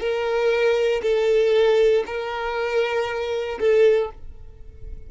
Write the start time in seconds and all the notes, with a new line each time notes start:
0.00 A#4
1.02 A4
2.06 A#4
3.60 A4